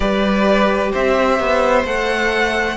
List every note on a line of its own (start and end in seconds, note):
0.00 0.92 G3
0.00 1.84 G4
0.00 0.92 B4
0.00 0.91 D5
0.92 1.39 C4
0.92 2.76 C5
0.92 1.85 E5
1.39 1.84 B3
1.84 2.76 A3
1.84 2.76 A4
1.84 2.76 F#5